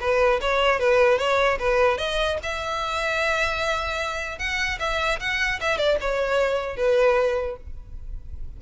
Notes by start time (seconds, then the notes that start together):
0.00 B4
0.41 C#5
0.79 B4
1.18 C#5
1.59 B4
1.98 D#5
2.43 E5
4.39 F#5
4.79 E5
5.20 F#5
5.60 E5
5.78 D5
6.01 C#5
6.77 B4